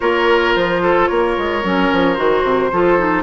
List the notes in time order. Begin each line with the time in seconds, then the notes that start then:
0.00 A#3 F4 A#4 C#5
0.55 F3 C5
0.82 A4
1.06 A#3 A#4 C#5
1.38 G#3
1.63 F#3 C#4
1.92 F3
2.14 D#3 F#4 C5
2.43 C3
2.72 F3 F4 A4
2.98 D#4